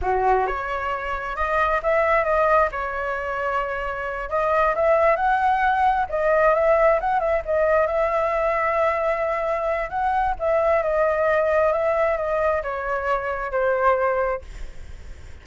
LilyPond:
\new Staff \with { instrumentName = "flute" } { \time 4/4 \tempo 4 = 133 fis'4 cis''2 dis''4 | e''4 dis''4 cis''2~ | cis''4. dis''4 e''4 fis''8~ | fis''4. dis''4 e''4 fis''8 |
e''8 dis''4 e''2~ e''8~ | e''2 fis''4 e''4 | dis''2 e''4 dis''4 | cis''2 c''2 | }